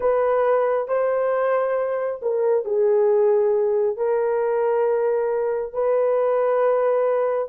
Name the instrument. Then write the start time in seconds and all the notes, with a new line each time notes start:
horn
0.00 B4
0.87 C5
2.22 A#4
2.65 G#4
3.96 A#4
5.73 B4